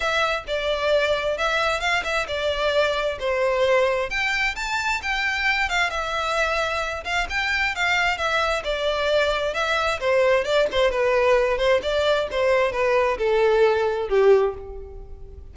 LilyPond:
\new Staff \with { instrumentName = "violin" } { \time 4/4 \tempo 4 = 132 e''4 d''2 e''4 | f''8 e''8 d''2 c''4~ | c''4 g''4 a''4 g''4~ | g''8 f''8 e''2~ e''8 f''8 |
g''4 f''4 e''4 d''4~ | d''4 e''4 c''4 d''8 c''8 | b'4. c''8 d''4 c''4 | b'4 a'2 g'4 | }